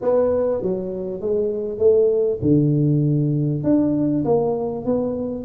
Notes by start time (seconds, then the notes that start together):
0.01 B3
0.62 F#3
1.20 G#3
1.78 A3
2.42 D3
3.63 D4
4.24 A#3
4.85 B3